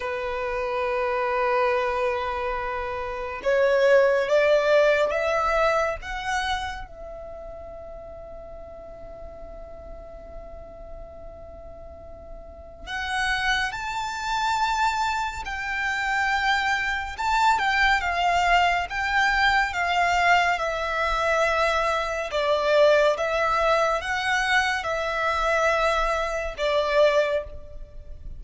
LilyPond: \new Staff \with { instrumentName = "violin" } { \time 4/4 \tempo 4 = 70 b'1 | cis''4 d''4 e''4 fis''4 | e''1~ | e''2. fis''4 |
a''2 g''2 | a''8 g''8 f''4 g''4 f''4 | e''2 d''4 e''4 | fis''4 e''2 d''4 | }